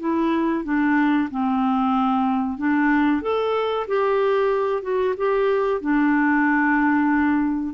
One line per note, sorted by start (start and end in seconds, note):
0.00 0.65 E4
0.65 1.29 D4
1.31 2.58 C4
2.58 3.22 D4
3.22 3.87 A4
3.88 4.82 G4
4.82 5.15 F#4
5.17 5.81 G4
5.81 7.74 D4